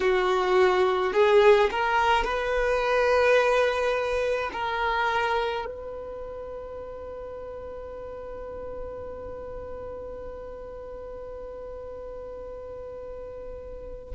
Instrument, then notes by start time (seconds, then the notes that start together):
violin
0.00 F#4
1.13 G#4
1.70 A#4
2.24 B4
4.53 A#4
5.66 B4